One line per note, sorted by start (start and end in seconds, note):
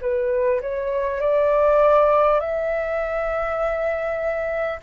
0.00 0.60 B4
0.61 1.20 C#5
1.20 2.39 D5
2.39 4.79 E5